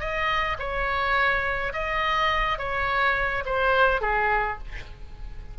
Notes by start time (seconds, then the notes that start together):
0.00 D#5
0.59 C#5
1.73 D#5
2.58 C#5
3.45 C5
4.01 G#4